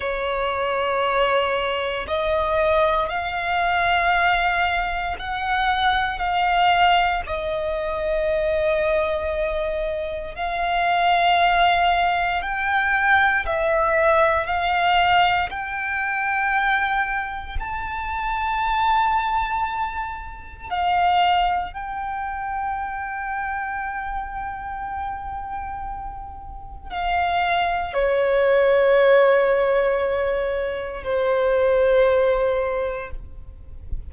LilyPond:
\new Staff \with { instrumentName = "violin" } { \time 4/4 \tempo 4 = 58 cis''2 dis''4 f''4~ | f''4 fis''4 f''4 dis''4~ | dis''2 f''2 | g''4 e''4 f''4 g''4~ |
g''4 a''2. | f''4 g''2.~ | g''2 f''4 cis''4~ | cis''2 c''2 | }